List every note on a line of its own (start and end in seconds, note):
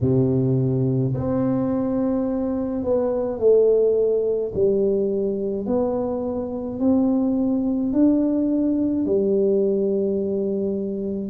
0.00 1.13 C3
1.14 2.84 C4
2.84 3.39 B3
3.39 4.52 A3
4.54 5.66 G3
5.66 6.79 B3
6.79 7.92 C4
7.92 9.05 D4
9.05 11.30 G3